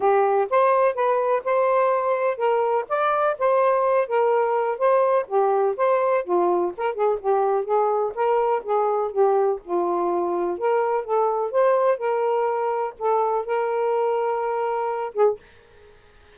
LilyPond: \new Staff \with { instrumentName = "saxophone" } { \time 4/4 \tempo 4 = 125 g'4 c''4 b'4 c''4~ | c''4 ais'4 d''4 c''4~ | c''8 ais'4. c''4 g'4 | c''4 f'4 ais'8 gis'8 g'4 |
gis'4 ais'4 gis'4 g'4 | f'2 ais'4 a'4 | c''4 ais'2 a'4 | ais'2.~ ais'8 gis'8 | }